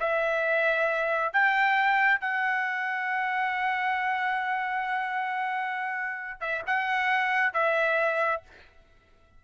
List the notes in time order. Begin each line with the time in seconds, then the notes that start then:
0.00 E5
1.33 G5
2.21 F#5
6.40 E5
6.66 F#5
7.54 E5